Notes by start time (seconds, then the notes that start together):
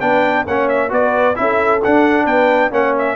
0.00 B3 D4 B4 G5
0.46 A#3 C#4 C#5 F#5
0.68 E5
0.89 B3 F#4 B4 D5
1.34 C#4 E4 E5
1.40 A4
1.83 D4 F#5
2.25 B3 B4 G5
2.70 A#3 C#4 C#5 F#5
2.98 E5